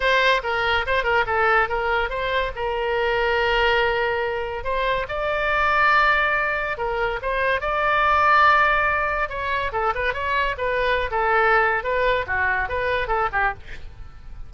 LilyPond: \new Staff \with { instrumentName = "oboe" } { \time 4/4 \tempo 4 = 142 c''4 ais'4 c''8 ais'8 a'4 | ais'4 c''4 ais'2~ | ais'2. c''4 | d''1 |
ais'4 c''4 d''2~ | d''2 cis''4 a'8 b'8 | cis''4 b'4~ b'16 a'4.~ a'16 | b'4 fis'4 b'4 a'8 g'8 | }